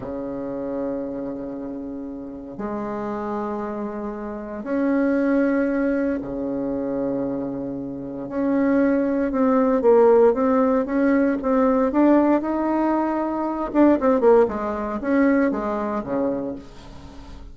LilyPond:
\new Staff \with { instrumentName = "bassoon" } { \time 4/4 \tempo 4 = 116 cis1~ | cis4 gis2.~ | gis4 cis'2. | cis1 |
cis'2 c'4 ais4 | c'4 cis'4 c'4 d'4 | dis'2~ dis'8 d'8 c'8 ais8 | gis4 cis'4 gis4 cis4 | }